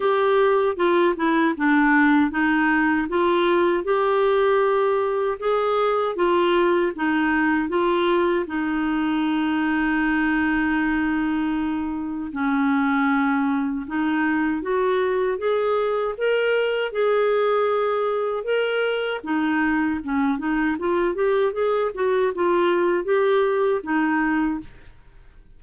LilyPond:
\new Staff \with { instrumentName = "clarinet" } { \time 4/4 \tempo 4 = 78 g'4 f'8 e'8 d'4 dis'4 | f'4 g'2 gis'4 | f'4 dis'4 f'4 dis'4~ | dis'1 |
cis'2 dis'4 fis'4 | gis'4 ais'4 gis'2 | ais'4 dis'4 cis'8 dis'8 f'8 g'8 | gis'8 fis'8 f'4 g'4 dis'4 | }